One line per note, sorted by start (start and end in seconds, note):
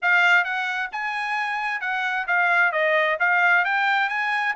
0.01 0.44 F5
0.44 0.89 F#5
0.92 1.81 G#5
1.81 2.26 F#5
2.27 2.72 F5
2.72 3.17 D#5
3.19 3.64 F5
3.64 4.09 G5
4.09 4.54 G#5